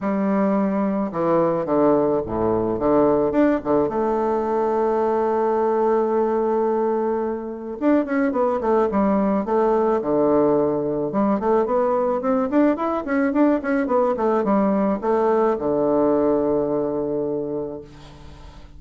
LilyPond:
\new Staff \with { instrumentName = "bassoon" } { \time 4/4 \tempo 4 = 108 g2 e4 d4 | a,4 d4 d'8 d8 a4~ | a1~ | a2 d'8 cis'8 b8 a8 |
g4 a4 d2 | g8 a8 b4 c'8 d'8 e'8 cis'8 | d'8 cis'8 b8 a8 g4 a4 | d1 | }